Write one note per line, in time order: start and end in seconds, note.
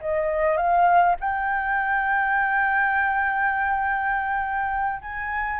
0.00 0.57 D#5
0.57 1.16 F5
1.20 5.01 G5
5.01 5.60 G#5